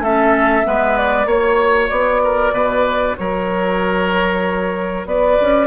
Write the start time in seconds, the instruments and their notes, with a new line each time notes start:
0.00 bassoon A3, clarinet C#4, oboe A4, flute E5
0.64 bassoon G#3, clarinet B3, oboe B4
0.98 flute D5
1.26 bassoon A#3, clarinet F#4, oboe C#5, flute C#5
1.90 bassoon B3, flute D5
2.24 oboe A#4
2.52 bassoon B2, oboe B4
3.17 bassoon F#3, oboe A#4, flute C#5
5.06 bassoon B3, oboe B4, flute D5
5.41 bassoon C#4